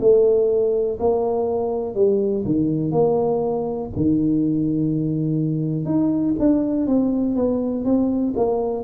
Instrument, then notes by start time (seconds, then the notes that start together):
tuba
0.00 A3
1.00 A#3
1.94 G3
2.45 D#3
2.92 A#3
3.96 D#3
5.85 D#4
6.39 D4
6.87 C4
7.35 B3
7.85 C4
8.36 A#3